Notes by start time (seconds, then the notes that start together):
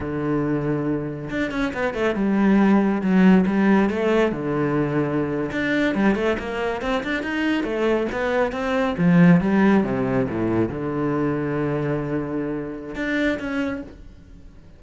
0.00 D3
1.29 D4
1.51 C#4
1.73 B3
1.93 A3
2.15 G3
3.01 F#3
3.46 G3
3.89 A3
4.32 D3
5.51 D4
5.94 G3
6.15 A3
6.39 A#3
6.81 C4
7.03 D4
7.22 D#4
7.63 A3
8.12 B3
8.52 C4
8.97 F3
9.40 G3
9.83 C3
10.28 A2
10.68 D3
12.95 D4
13.39 C#4